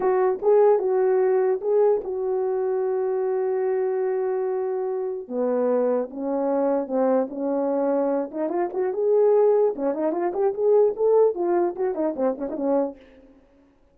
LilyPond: \new Staff \with { instrumentName = "horn" } { \time 4/4 \tempo 4 = 148 fis'4 gis'4 fis'2 | gis'4 fis'2.~ | fis'1~ | fis'4 b2 cis'4~ |
cis'4 c'4 cis'2~ | cis'8 dis'8 f'8 fis'8 gis'2 | cis'8 dis'8 f'8 g'8 gis'4 a'4 | f'4 fis'8 dis'8 c'8 cis'16 dis'16 cis'4 | }